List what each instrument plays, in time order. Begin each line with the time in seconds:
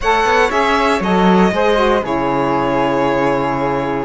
0.00 cello A3, saxophone A4, flute C#5, violin F#5
0.24 cello B3
0.49 cello C#4, saxophone G#4, violin E5
1.00 cello F#3, saxophone A4, violin D#5
1.51 cello G#3, saxophone G#4, flute C5
1.75 saxophone F#4
2.02 cello C#3, saxophone E4, flute G#4, violin C#5